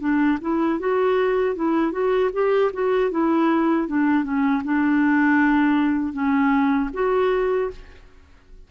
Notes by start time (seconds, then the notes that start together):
0.00 D4
0.41 E4
0.80 F#4
1.56 E4
1.92 F#4
2.34 G4
2.73 F#4
3.11 E4
3.88 D4
4.24 C#4
4.65 D4
6.13 C#4
6.94 F#4